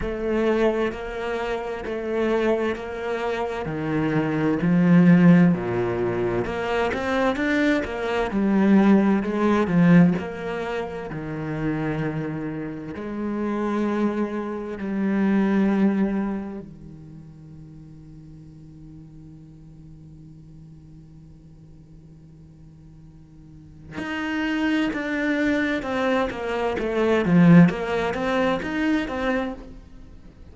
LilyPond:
\new Staff \with { instrumentName = "cello" } { \time 4/4 \tempo 4 = 65 a4 ais4 a4 ais4 | dis4 f4 ais,4 ais8 c'8 | d'8 ais8 g4 gis8 f8 ais4 | dis2 gis2 |
g2 dis2~ | dis1~ | dis2 dis'4 d'4 | c'8 ais8 a8 f8 ais8 c'8 dis'8 c'8 | }